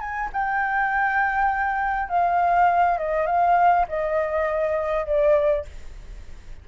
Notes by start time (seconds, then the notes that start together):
0.00 G#5
0.33 G5
2.09 F5
2.98 D#5
3.26 F5
3.89 D#5
5.06 D5